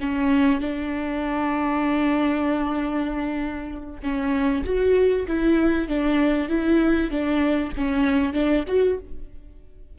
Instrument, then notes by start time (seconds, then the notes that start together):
viola
0.00 C#4
0.60 D4
4.02 C#4
4.65 F#4
5.27 E4
5.88 D4
6.49 E4
7.10 D4
7.77 C#4
8.33 D4
8.67 F#4